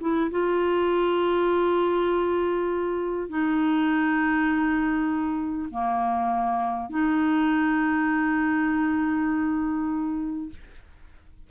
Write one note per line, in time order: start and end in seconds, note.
0.00 0.30 E4
0.31 3.29 F4
3.29 5.69 D#4
5.71 6.89 A#3
6.89 10.49 D#4